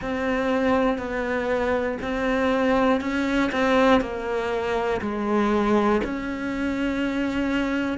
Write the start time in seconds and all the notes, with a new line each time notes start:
0.01 C4
0.98 B3
2.01 C4
3.00 C#4
3.51 C4
4.00 A#3
5.01 G#3
6.04 C#4